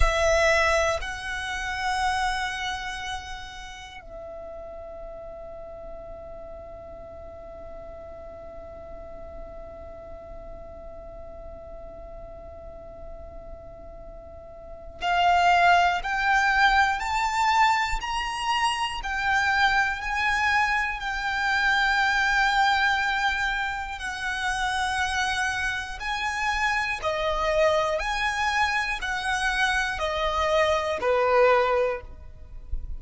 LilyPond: \new Staff \with { instrumentName = "violin" } { \time 4/4 \tempo 4 = 60 e''4 fis''2. | e''1~ | e''1~ | e''2. f''4 |
g''4 a''4 ais''4 g''4 | gis''4 g''2. | fis''2 gis''4 dis''4 | gis''4 fis''4 dis''4 b'4 | }